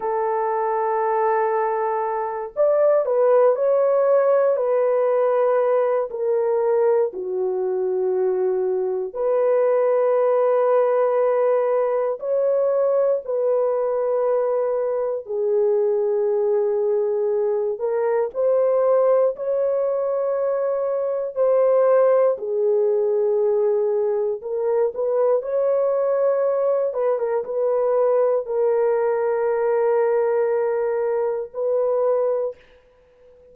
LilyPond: \new Staff \with { instrumentName = "horn" } { \time 4/4 \tempo 4 = 59 a'2~ a'8 d''8 b'8 cis''8~ | cis''8 b'4. ais'4 fis'4~ | fis'4 b'2. | cis''4 b'2 gis'4~ |
gis'4. ais'8 c''4 cis''4~ | cis''4 c''4 gis'2 | ais'8 b'8 cis''4. b'16 ais'16 b'4 | ais'2. b'4 | }